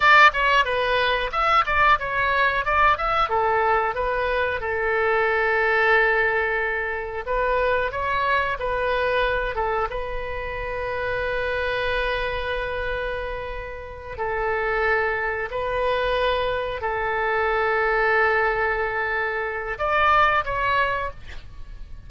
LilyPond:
\new Staff \with { instrumentName = "oboe" } { \time 4/4 \tempo 4 = 91 d''8 cis''8 b'4 e''8 d''8 cis''4 | d''8 e''8 a'4 b'4 a'4~ | a'2. b'4 | cis''4 b'4. a'8 b'4~ |
b'1~ | b'4. a'2 b'8~ | b'4. a'2~ a'8~ | a'2 d''4 cis''4 | }